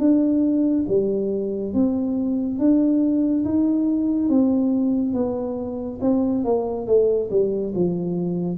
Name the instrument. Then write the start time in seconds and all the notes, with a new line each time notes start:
tuba
0.00 D4
0.88 G3
1.74 C4
2.59 D4
3.45 D#4
4.29 C4
5.14 B3
6.02 C4
6.45 A#3
6.87 A3
7.31 G3
7.75 F3